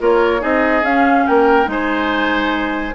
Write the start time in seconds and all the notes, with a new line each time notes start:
0.00 A#3 F4 A#4 C#5
0.40 C4 D#4 G#4 D#5
0.83 C#4 F5
1.27 A#3 A#4 G5
1.65 G#3 D#4 G#5
1.72 C5